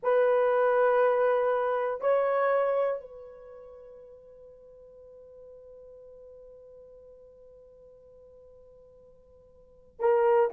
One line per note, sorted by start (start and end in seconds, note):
0.02 2.00 B4
2.00 3.00 C#5
3.00 10.00 B4
10.00 10.50 A#4